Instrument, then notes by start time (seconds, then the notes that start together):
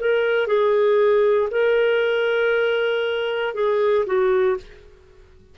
clarinet
0.00 A#4
0.47 G#4
1.51 A#4
3.55 G#4
4.06 F#4